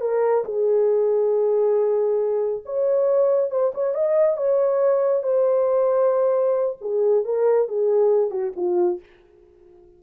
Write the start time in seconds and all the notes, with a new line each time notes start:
0.00 A#4
0.44 G#4
2.65 C#5
3.50 C5
3.74 C#5
3.94 D#5
4.37 C#5
5.23 C5
6.81 G#4
7.24 A#4
7.68 G#4
8.30 F#4
8.56 F4